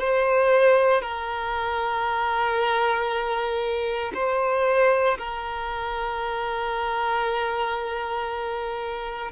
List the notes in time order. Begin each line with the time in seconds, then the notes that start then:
0.00 C5
1.02 A#4
4.14 C5
5.18 A#4